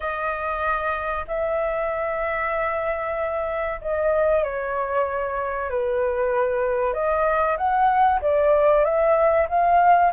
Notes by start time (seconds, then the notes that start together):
0.00 D#5
1.27 E5
3.81 D#5
4.43 C#5
5.70 B4
6.93 D#5
7.57 F#5
8.21 D5
8.84 E5
9.49 F5